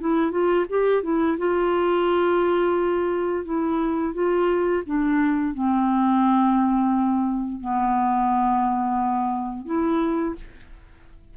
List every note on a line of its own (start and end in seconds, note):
0.00 0.31 E4
0.31 0.66 F4
0.69 1.03 G4
1.03 1.37 E4
1.38 3.45 F4
3.45 4.14 E4
4.14 4.83 F4
4.86 5.54 D4
5.54 7.61 C4
7.61 9.66 B3
9.66 10.34 E4